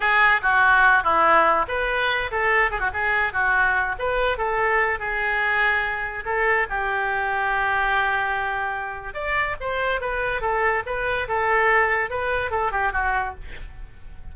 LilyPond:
\new Staff \with { instrumentName = "oboe" } { \time 4/4 \tempo 4 = 144 gis'4 fis'4. e'4. | b'4. a'4 gis'16 fis'16 gis'4 | fis'4. b'4 a'4. | gis'2. a'4 |
g'1~ | g'2 d''4 c''4 | b'4 a'4 b'4 a'4~ | a'4 b'4 a'8 g'8 fis'4 | }